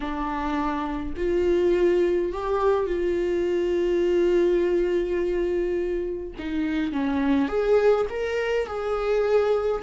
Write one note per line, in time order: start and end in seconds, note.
0.00 1.14 D4
1.17 2.32 F4
2.32 2.86 G4
2.86 6.32 F4
6.38 6.92 D#4
6.92 7.48 C#4
7.48 8.06 G#4
8.09 8.66 A#4
8.66 9.82 G#4